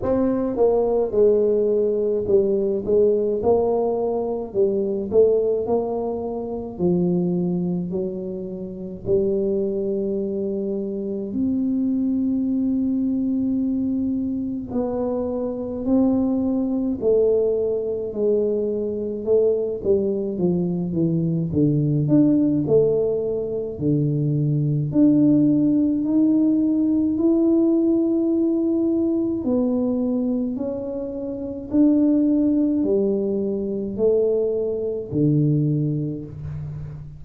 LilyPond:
\new Staff \with { instrumentName = "tuba" } { \time 4/4 \tempo 4 = 53 c'8 ais8 gis4 g8 gis8 ais4 | g8 a8 ais4 f4 fis4 | g2 c'2~ | c'4 b4 c'4 a4 |
gis4 a8 g8 f8 e8 d8 d'8 | a4 d4 d'4 dis'4 | e'2 b4 cis'4 | d'4 g4 a4 d4 | }